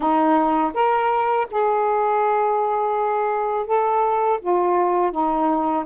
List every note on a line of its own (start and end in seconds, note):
0.00 0.72 D#4
0.74 1.47 A#4
1.50 3.66 G#4
3.66 4.39 A4
4.41 5.11 F4
5.11 5.84 D#4